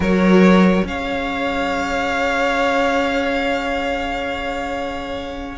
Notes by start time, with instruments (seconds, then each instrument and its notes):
0.00 cello F#3, viola F#4, violin A#4 C#5
0.84 cello C#4, viola G#4, violin C#5 F5